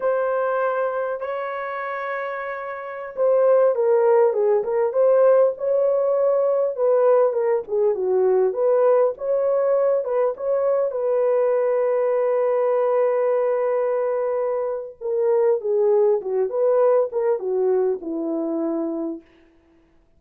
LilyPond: \new Staff \with { instrumentName = "horn" } { \time 4/4 \tempo 4 = 100 c''2 cis''2~ | cis''4~ cis''16 c''4 ais'4 gis'8 ais'16~ | ais'16 c''4 cis''2 b'8.~ | b'16 ais'8 gis'8 fis'4 b'4 cis''8.~ |
cis''8. b'8 cis''4 b'4.~ b'16~ | b'1~ | b'4 ais'4 gis'4 fis'8 b'8~ | b'8 ais'8 fis'4 e'2 | }